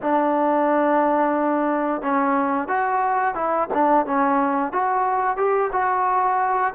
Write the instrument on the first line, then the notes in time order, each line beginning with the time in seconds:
trombone
0.02 D4
2.01 C#4
2.68 F#4
3.34 E4
3.73 D4
4.06 C#4
4.72 F#4
5.37 G4
5.72 F#4